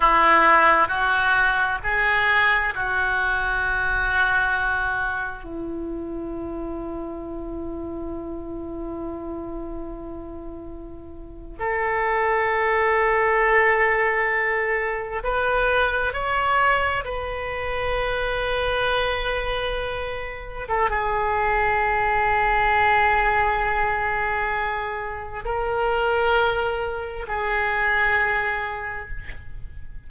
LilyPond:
\new Staff \with { instrumentName = "oboe" } { \time 4/4 \tempo 4 = 66 e'4 fis'4 gis'4 fis'4~ | fis'2 e'2~ | e'1~ | e'8. a'2.~ a'16~ |
a'8. b'4 cis''4 b'4~ b'16~ | b'2~ b'8. a'16 gis'4~ | gis'1 | ais'2 gis'2 | }